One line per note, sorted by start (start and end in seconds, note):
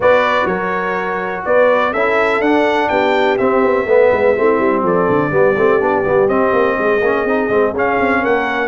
0.00 0.45 B3
0.00 1.94 F#4
0.00 0.47 B4
0.00 0.46 D5
0.45 1.41 F#3
0.45 1.44 A#4
0.45 1.43 C#5
1.45 1.93 B3
1.45 1.92 B4
1.45 1.93 D5
1.92 2.40 C#4
1.92 2.43 E4
1.92 2.89 A4
1.92 2.41 E5
2.40 2.88 D4
2.40 3.38 D4
2.40 2.88 F#5
2.88 3.39 B3
2.88 3.87 G4
2.88 3.37 G5
3.37 3.86 C4
3.37 3.64 C4
3.37 4.83 E5
3.64 3.85 B3
3.85 4.09 A3
3.85 4.36 B3
3.85 4.35 B4
4.11 4.36 G#3
4.36 4.58 A3
4.36 5.30 C4
4.36 4.83 E4
4.58 4.83 G3
4.83 5.07 F3
4.83 5.31 A4
4.83 6.28 D5
5.09 5.31 D3
5.30 5.55 G3
5.30 5.54 B3
5.30 6.78 G4
5.56 5.80 A3
5.56 5.80 C4
5.80 6.05 B3
5.80 6.04 D4
6.04 6.27 G3
6.04 6.28 B3
6.27 6.51 C4
6.27 7.01 C4
6.27 7.73 D#5
6.52 6.76 A#3
6.78 7.01 G#3
6.78 8.20 G#4
7.01 7.24 A#3
7.01 7.27 C#4
7.24 7.48 C4
7.24 7.50 D#4
7.49 7.72 G#3
7.49 7.74 C4
7.72 7.96 C#4
7.72 8.68 C#4
7.72 8.24 F5
8.00 8.24 C4
8.20 8.68 A#3
8.20 8.68 A#4
8.20 8.68 F#5